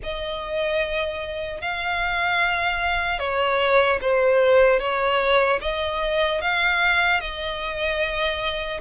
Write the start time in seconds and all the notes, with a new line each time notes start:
0.03 D#5
1.61 F5
3.19 C#5
4.01 C5
4.79 C#5
5.61 D#5
6.41 F5
7.20 D#5